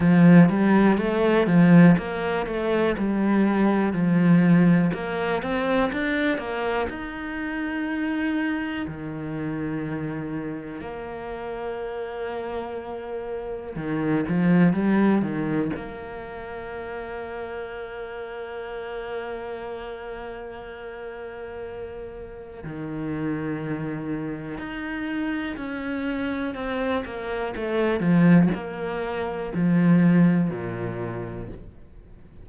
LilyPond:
\new Staff \with { instrumentName = "cello" } { \time 4/4 \tempo 4 = 61 f8 g8 a8 f8 ais8 a8 g4 | f4 ais8 c'8 d'8 ais8 dis'4~ | dis'4 dis2 ais4~ | ais2 dis8 f8 g8 dis8 |
ais1~ | ais2. dis4~ | dis4 dis'4 cis'4 c'8 ais8 | a8 f8 ais4 f4 ais,4 | }